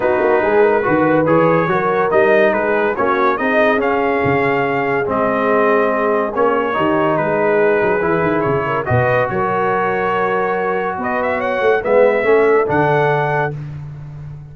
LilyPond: <<
  \new Staff \with { instrumentName = "trumpet" } { \time 4/4 \tempo 4 = 142 b'2. cis''4~ | cis''4 dis''4 b'4 cis''4 | dis''4 f''2. | dis''2. cis''4~ |
cis''4 b'2. | cis''4 dis''4 cis''2~ | cis''2 dis''8 e''8 fis''4 | e''2 fis''2 | }
  \new Staff \with { instrumentName = "horn" } { \time 4/4 fis'4 gis'8 ais'8 b'2 | ais'2 gis'4 fis'4 | gis'1~ | gis'1 |
g'4 gis'2.~ | gis'8 ais'8 b'4 ais'2~ | ais'2 b'4 cis''4 | b'4 a'2. | }
  \new Staff \with { instrumentName = "trombone" } { \time 4/4 dis'2 fis'4 gis'4 | fis'4 dis'2 cis'4 | dis'4 cis'2. | c'2. cis'4 |
dis'2. e'4~ | e'4 fis'2.~ | fis'1 | b4 cis'4 d'2 | }
  \new Staff \with { instrumentName = "tuba" } { \time 4/4 b8 ais8 gis4 dis4 e4 | fis4 g4 gis4 ais4 | c'4 cis'4 cis2 | gis2. ais4 |
dis4 gis4. fis8 e8 dis8 | cis4 b,4 fis2~ | fis2 b4. a8 | gis4 a4 d2 | }
>>